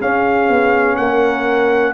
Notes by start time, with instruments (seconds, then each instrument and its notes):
0.00 tuba C#4, trombone C#4, horn G#4, trumpet F5
0.49 tuba B3
0.96 tuba A#3, horn A#4, trumpet F#5